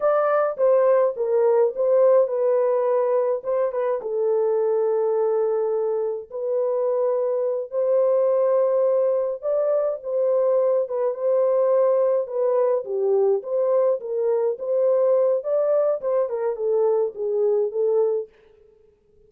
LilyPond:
\new Staff \with { instrumentName = "horn" } { \time 4/4 \tempo 4 = 105 d''4 c''4 ais'4 c''4 | b'2 c''8 b'8 a'4~ | a'2. b'4~ | b'4. c''2~ c''8~ |
c''8 d''4 c''4. b'8 c''8~ | c''4. b'4 g'4 c''8~ | c''8 ais'4 c''4. d''4 | c''8 ais'8 a'4 gis'4 a'4 | }